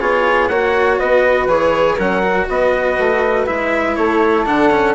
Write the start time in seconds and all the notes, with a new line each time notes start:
0.00 B3 F4 G#4 C#5
0.48 A#3 F#4 C#5 F#5
0.99 B3 B4 D#5
1.48 E3 G#4 C#5
1.96 F#3 C#4 A#4 F#5
2.23 F#4
2.49 B3 B4 D#5
2.99 A3
3.46 G#3 E4 E5
3.96 A3 A4 C#5
4.46 D3 D4 F#5
4.71 C#4